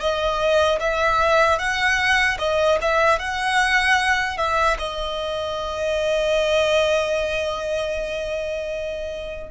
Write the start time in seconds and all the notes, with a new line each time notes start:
0.00 D#5
0.80 E5
1.59 F#5
2.39 D#5
2.81 E5
3.19 F#5
4.37 E5
4.78 D#5